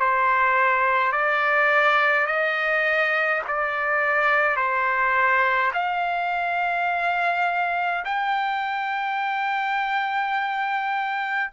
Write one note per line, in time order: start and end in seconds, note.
0.00 1.12 C5
1.12 2.27 D5
2.27 3.42 D#5
3.48 4.57 D5
4.57 5.72 C5
5.74 8.05 F5
8.06 11.52 G5